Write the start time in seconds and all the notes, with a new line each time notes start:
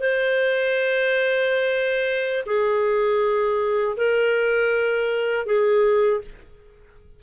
0.00 C5
2.46 G#4
3.97 A#4
5.46 G#4